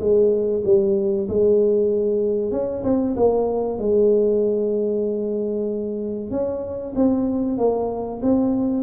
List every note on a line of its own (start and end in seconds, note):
0.00 0.63 G#3
0.65 1.28 G3
1.29 2.52 G#3
2.52 2.83 C#4
2.84 3.16 C4
3.17 3.79 A#3
3.79 6.31 G#3
6.31 6.94 C#4
6.96 7.58 C4
7.58 8.21 A#3
8.22 8.84 C4